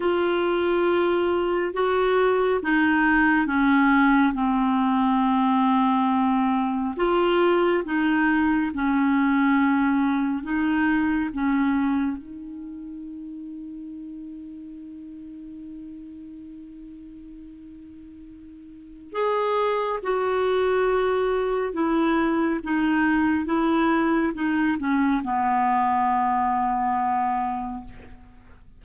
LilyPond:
\new Staff \with { instrumentName = "clarinet" } { \time 4/4 \tempo 4 = 69 f'2 fis'4 dis'4 | cis'4 c'2. | f'4 dis'4 cis'2 | dis'4 cis'4 dis'2~ |
dis'1~ | dis'2 gis'4 fis'4~ | fis'4 e'4 dis'4 e'4 | dis'8 cis'8 b2. | }